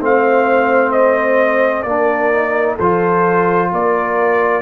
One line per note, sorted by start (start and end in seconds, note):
0.00 1.84 A3
0.00 1.86 C4
0.00 1.85 C5
0.00 0.92 F5
0.92 1.82 D#5
1.82 2.76 A#3
1.82 2.32 D4
1.82 2.75 A#4
1.82 2.75 D5
2.32 2.78 D#4
2.75 3.72 F3
2.75 3.68 A4
2.75 3.72 C5
2.82 4.62 F4
3.72 4.62 A#3
3.72 4.62 A#4
3.72 4.62 D5